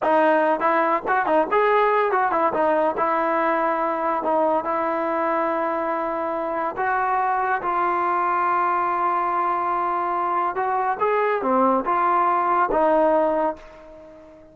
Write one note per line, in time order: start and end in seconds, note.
0.02 0.60 D#4
0.60 1.02 E4
1.07 1.26 F#4
1.26 1.47 D#4
1.51 2.11 G#4
2.11 2.31 F#4
2.31 2.52 E4
2.53 2.95 D#4
2.97 4.23 E4
4.23 4.64 D#4
4.64 6.75 E4
6.76 7.61 F#4
7.62 10.55 F4
10.55 10.97 F#4
10.99 11.42 G#4
11.42 11.84 C4
11.85 12.69 F4
12.71 13.56 D#4